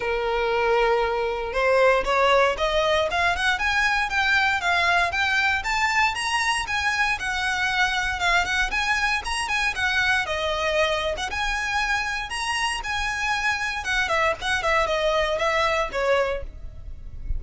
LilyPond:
\new Staff \with { instrumentName = "violin" } { \time 4/4 \tempo 4 = 117 ais'2. c''4 | cis''4 dis''4 f''8 fis''8 gis''4 | g''4 f''4 g''4 a''4 | ais''4 gis''4 fis''2 |
f''8 fis''8 gis''4 ais''8 gis''8 fis''4 | dis''4.~ dis''16 fis''16 gis''2 | ais''4 gis''2 fis''8 e''8 | fis''8 e''8 dis''4 e''4 cis''4 | }